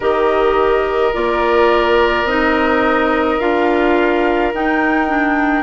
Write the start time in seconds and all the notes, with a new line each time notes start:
0.00 D#3 G4 A#4 D#5
1.13 A#3 F4 D5
2.24 C4 D#4 D#5
3.39 D4 F4 F5
4.53 D#4 G5
5.08 D4